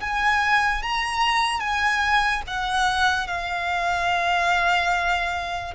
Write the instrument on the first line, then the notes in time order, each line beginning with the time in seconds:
violin
0.00 G#5
0.82 A#5
1.60 G#5
2.47 F#5
3.27 F5